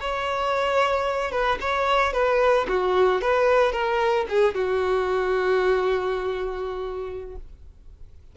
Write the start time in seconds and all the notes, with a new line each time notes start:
0.00 C#5
1.31 B4
1.60 C#5
2.13 B4
2.68 F#4
3.21 B4
3.72 A#4
4.29 G#4
4.54 F#4